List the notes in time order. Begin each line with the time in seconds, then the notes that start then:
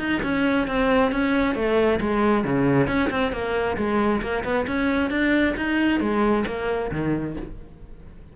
0.00 D#4
0.23 C#4
0.68 C4
1.12 C#4
1.55 A3
2.01 G#3
2.45 C#3
2.88 C#4
3.11 C4
3.33 A#3
3.77 G#3
4.22 A#3
4.45 B3
4.67 C#4
5.11 D4
5.57 D#4
6.01 G#3
6.47 A#3
6.92 D#3